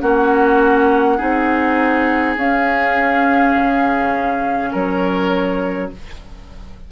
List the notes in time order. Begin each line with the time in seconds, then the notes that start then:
0.00 A#3 C#4 F#4 F#5
1.17 C4 D#4 G#4
2.36 C#4 F5
3.55 C#3
4.71 F#3 A#4 C#5